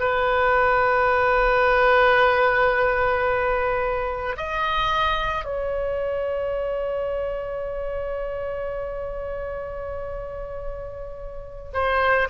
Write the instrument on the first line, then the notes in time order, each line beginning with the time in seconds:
oboe
0.00 B4
4.37 D#5
5.45 C#5
11.74 C5